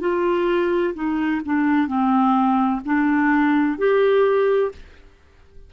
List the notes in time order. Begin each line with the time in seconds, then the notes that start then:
0.00 F4
0.94 D#4
1.45 D4
1.87 C4
2.85 D4
3.78 G4